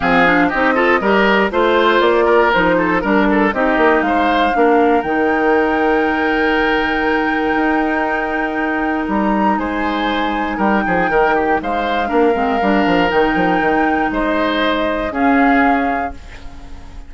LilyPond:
<<
  \new Staff \with { instrumentName = "flute" } { \time 4/4 \tempo 4 = 119 f''4 dis''2 c''4 | d''4 c''4 ais'4 dis''4 | f''2 g''2~ | g''1~ |
g''2 ais''4 gis''4~ | gis''4 g''2 f''4~ | f''2 g''2 | dis''2 f''2 | }
  \new Staff \with { instrumentName = "oboe" } { \time 4/4 gis'4 g'8 a'8 ais'4 c''4~ | c''8 ais'4 a'8 ais'8 a'8 g'4 | c''4 ais'2.~ | ais'1~ |
ais'2. c''4~ | c''4 ais'8 gis'8 ais'8 g'8 c''4 | ais'1 | c''2 gis'2 | }
  \new Staff \with { instrumentName = "clarinet" } { \time 4/4 c'8 d'8 dis'8 f'8 g'4 f'4~ | f'4 dis'4 d'4 dis'4~ | dis'4 d'4 dis'2~ | dis'1~ |
dis'1~ | dis'1 | d'8 c'8 d'4 dis'2~ | dis'2 cis'2 | }
  \new Staff \with { instrumentName = "bassoon" } { \time 4/4 f4 c'4 g4 a4 | ais4 f4 g4 c'8 ais8 | gis4 ais4 dis2~ | dis2. dis'4~ |
dis'2 g4 gis4~ | gis4 g8 f8 dis4 gis4 | ais8 gis8 g8 f8 dis8 f8 dis4 | gis2 cis'2 | }
>>